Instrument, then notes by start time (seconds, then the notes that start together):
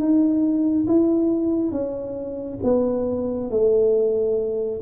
tuba
0.00 D#4
0.88 E4
1.72 C#4
2.64 B3
3.51 A3